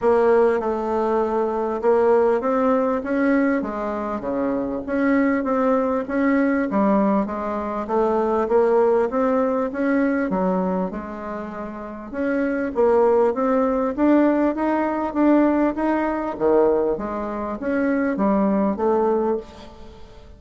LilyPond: \new Staff \with { instrumentName = "bassoon" } { \time 4/4 \tempo 4 = 99 ais4 a2 ais4 | c'4 cis'4 gis4 cis4 | cis'4 c'4 cis'4 g4 | gis4 a4 ais4 c'4 |
cis'4 fis4 gis2 | cis'4 ais4 c'4 d'4 | dis'4 d'4 dis'4 dis4 | gis4 cis'4 g4 a4 | }